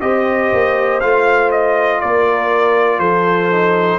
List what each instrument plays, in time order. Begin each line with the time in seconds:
0.00 tuba C4, trombone G4, horn C5, trumpet D#5
0.53 tuba A#3
1.00 tuba A3, trombone F4, trumpet F5
1.51 trumpet D#5
2.00 tuba A#3, horn A#4, trumpet D5
2.99 tuba F3, horn A4, trumpet C5
3.52 trombone D#4